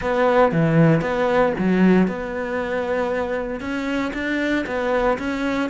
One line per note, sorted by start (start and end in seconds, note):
0.01 0.52 B3
0.52 1.01 E3
1.01 1.52 B3
1.58 2.07 F#3
2.07 3.60 B3
3.60 4.12 C#4
4.13 4.65 D4
4.66 5.17 B3
5.18 5.69 C#4